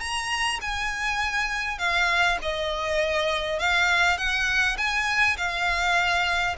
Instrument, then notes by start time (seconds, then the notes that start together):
violin
0.00 A#5
0.61 G#5
1.78 F5
2.42 D#5
3.59 F5
4.17 F#5
4.77 G#5
5.37 F5